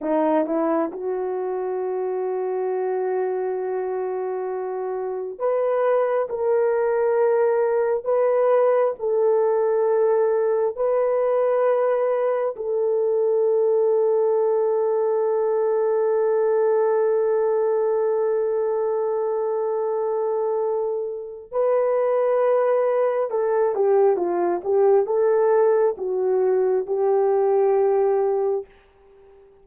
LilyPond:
\new Staff \with { instrumentName = "horn" } { \time 4/4 \tempo 4 = 67 dis'8 e'8 fis'2.~ | fis'2 b'4 ais'4~ | ais'4 b'4 a'2 | b'2 a'2~ |
a'1~ | a'1 | b'2 a'8 g'8 f'8 g'8 | a'4 fis'4 g'2 | }